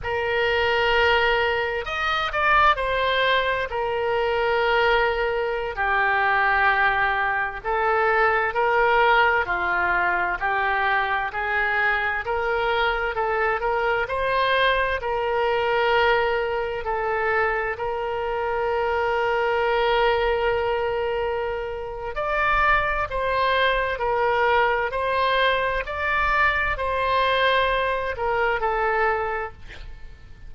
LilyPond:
\new Staff \with { instrumentName = "oboe" } { \time 4/4 \tempo 4 = 65 ais'2 dis''8 d''8 c''4 | ais'2~ ais'16 g'4.~ g'16~ | g'16 a'4 ais'4 f'4 g'8.~ | g'16 gis'4 ais'4 a'8 ais'8 c''8.~ |
c''16 ais'2 a'4 ais'8.~ | ais'1 | d''4 c''4 ais'4 c''4 | d''4 c''4. ais'8 a'4 | }